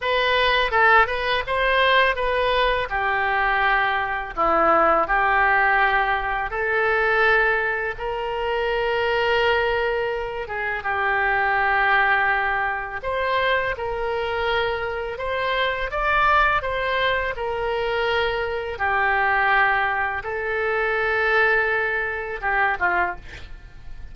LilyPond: \new Staff \with { instrumentName = "oboe" } { \time 4/4 \tempo 4 = 83 b'4 a'8 b'8 c''4 b'4 | g'2 e'4 g'4~ | g'4 a'2 ais'4~ | ais'2~ ais'8 gis'8 g'4~ |
g'2 c''4 ais'4~ | ais'4 c''4 d''4 c''4 | ais'2 g'2 | a'2. g'8 f'8 | }